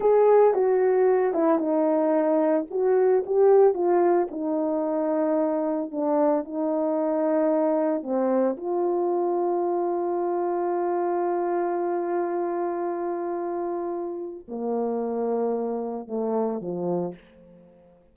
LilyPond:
\new Staff \with { instrumentName = "horn" } { \time 4/4 \tempo 4 = 112 gis'4 fis'4. e'8 dis'4~ | dis'4 fis'4 g'4 f'4 | dis'2. d'4 | dis'2. c'4 |
f'1~ | f'1~ | f'2. ais4~ | ais2 a4 f4 | }